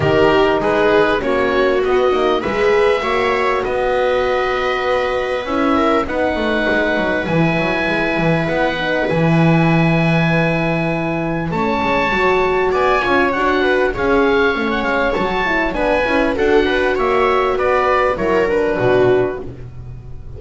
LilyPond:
<<
  \new Staff \with { instrumentName = "oboe" } { \time 4/4 \tempo 4 = 99 ais'4 b'4 cis''4 dis''4 | e''2 dis''2~ | dis''4 e''4 fis''2 | gis''2 fis''4 gis''4~ |
gis''2. a''4~ | a''4 gis''4 fis''4 f''4~ | f''16 fis''16 f''8 a''4 gis''4 fis''4 | e''4 d''4 cis''8 b'4. | }
  \new Staff \with { instrumentName = "viola" } { \time 4/4 g'4 gis'4 fis'2 | b'4 cis''4 b'2~ | b'4. ais'8 b'2~ | b'1~ |
b'2. cis''4~ | cis''4 d''8 cis''4 b'8 cis''4~ | cis''2 b'4 a'8 b'8 | cis''4 b'4 ais'4 fis'4 | }
  \new Staff \with { instrumentName = "horn" } { \time 4/4 dis'2 cis'4 b8 dis'8 | gis'4 fis'2.~ | fis'4 e'4 dis'2 | e'2~ e'8 dis'8 e'4~ |
e'2. cis'4 | fis'4. f'8 fis'4 gis'4 | cis'4 fis'8 e'8 d'8 e'8 fis'4~ | fis'2 e'8 d'4. | }
  \new Staff \with { instrumentName = "double bass" } { \time 4/4 dis4 gis4 ais4 b8 ais8 | gis4 ais4 b2~ | b4 cis'4 b8 a8 gis8 fis8 | e8 fis8 gis8 e8 b4 e4~ |
e2. a8 gis8 | fis4 b8 cis'8 d'4 cis'4 | a8 gis8 fis4 b8 cis'8 d'4 | ais4 b4 fis4 b,4 | }
>>